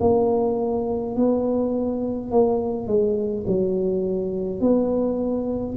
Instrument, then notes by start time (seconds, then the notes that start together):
tuba
0.00 A#3
1.15 B3
2.31 A#3
2.87 G#3
3.47 F#3
4.60 B3